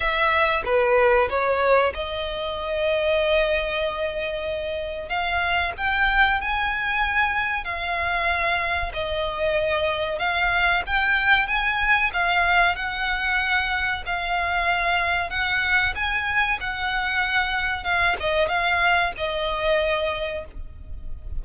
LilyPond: \new Staff \with { instrumentName = "violin" } { \time 4/4 \tempo 4 = 94 e''4 b'4 cis''4 dis''4~ | dis''1 | f''4 g''4 gis''2 | f''2 dis''2 |
f''4 g''4 gis''4 f''4 | fis''2 f''2 | fis''4 gis''4 fis''2 | f''8 dis''8 f''4 dis''2 | }